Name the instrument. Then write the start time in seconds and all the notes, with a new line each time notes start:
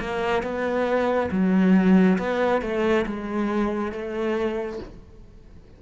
cello
0.00 A#3
0.43 B3
1.31 F#3
2.18 B3
2.62 A3
3.06 G#3
3.92 A3